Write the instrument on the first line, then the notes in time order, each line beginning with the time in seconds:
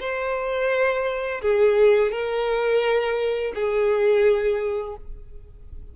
violin
0.00 C5
1.41 G#4
2.12 A#4
3.55 G#4